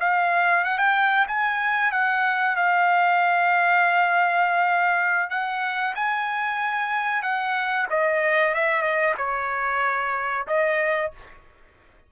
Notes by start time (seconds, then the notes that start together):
0.00 F5
0.65 F#5
0.78 G5
1.28 G#5
1.92 F#5
2.56 F5
5.30 F#5
5.95 G#5
7.23 F#5
7.90 D#5
8.55 E5
8.82 D#5
9.18 C#5
10.47 D#5